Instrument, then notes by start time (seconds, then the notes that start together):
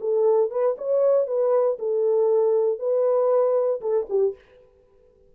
horn
0.00 A4
0.50 B4
0.78 C#5
1.27 B4
1.79 A4
2.79 B4
3.81 A4
4.09 G4